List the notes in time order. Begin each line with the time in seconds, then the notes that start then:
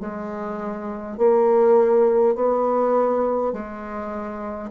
0.00 G#3
1.18 A#3
2.35 B3
3.52 G#3